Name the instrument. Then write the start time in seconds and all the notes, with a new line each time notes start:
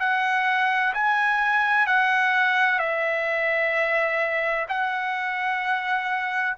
trumpet
0.00 F#5
0.94 G#5
1.87 F#5
2.79 E5
4.69 F#5